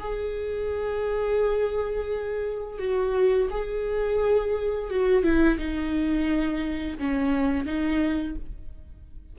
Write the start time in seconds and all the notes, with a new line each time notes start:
0.00 G#4
2.79 F#4
3.51 G#4
4.90 F#4
5.24 E4
5.58 D#4
6.99 C#4
7.66 D#4